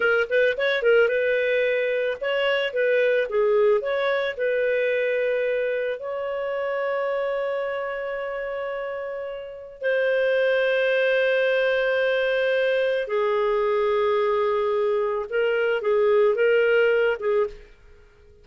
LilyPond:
\new Staff \with { instrumentName = "clarinet" } { \time 4/4 \tempo 4 = 110 ais'8 b'8 cis''8 ais'8 b'2 | cis''4 b'4 gis'4 cis''4 | b'2. cis''4~ | cis''1~ |
cis''2 c''2~ | c''1 | gis'1 | ais'4 gis'4 ais'4. gis'8 | }